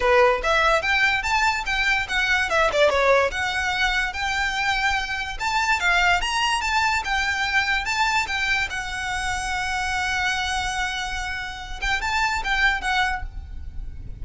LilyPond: \new Staff \with { instrumentName = "violin" } { \time 4/4 \tempo 4 = 145 b'4 e''4 g''4 a''4 | g''4 fis''4 e''8 d''8 cis''4 | fis''2 g''2~ | g''4 a''4 f''4 ais''4 |
a''4 g''2 a''4 | g''4 fis''2.~ | fis''1~ | fis''8 g''8 a''4 g''4 fis''4 | }